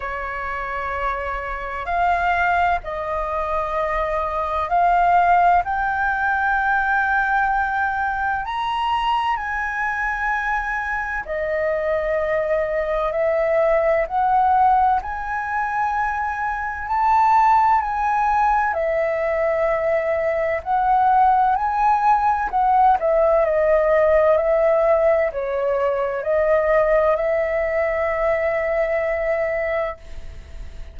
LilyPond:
\new Staff \with { instrumentName = "flute" } { \time 4/4 \tempo 4 = 64 cis''2 f''4 dis''4~ | dis''4 f''4 g''2~ | g''4 ais''4 gis''2 | dis''2 e''4 fis''4 |
gis''2 a''4 gis''4 | e''2 fis''4 gis''4 | fis''8 e''8 dis''4 e''4 cis''4 | dis''4 e''2. | }